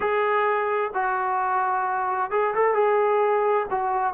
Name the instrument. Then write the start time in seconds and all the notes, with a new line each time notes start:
trombone
0.00 G#4
0.94 F#4
2.31 G#4
2.54 A4
2.74 G#4
3.70 F#4